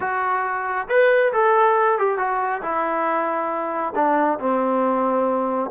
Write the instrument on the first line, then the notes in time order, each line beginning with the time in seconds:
trombone
0.00 F#4
0.88 B4
1.32 A4
1.98 G4
2.18 F#4
2.62 E4
3.95 D4
4.39 C4